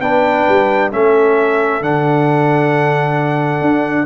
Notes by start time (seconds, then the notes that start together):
0.00 B3 D4 B4 G5
0.48 G3
0.91 A3 C#4 A4 E5
1.81 D3 D4 F#5
3.61 D4